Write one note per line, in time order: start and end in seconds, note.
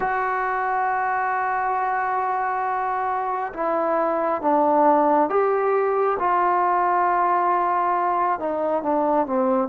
0.00 3.53 F#4
3.53 4.41 E4
4.41 5.29 D4
5.29 6.17 G4
6.19 8.39 F4
8.39 8.82 D#4
8.82 9.26 D4
9.26 9.68 C4